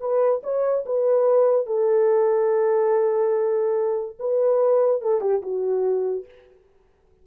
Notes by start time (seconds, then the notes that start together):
0.00 B4
0.43 C#5
0.85 B4
1.66 A4
4.19 B4
5.02 A4
5.21 G4
5.42 F#4